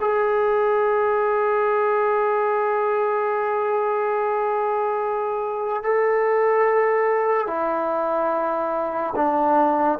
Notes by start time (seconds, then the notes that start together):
0.00 G#4
5.83 A4
7.47 E4
9.16 D4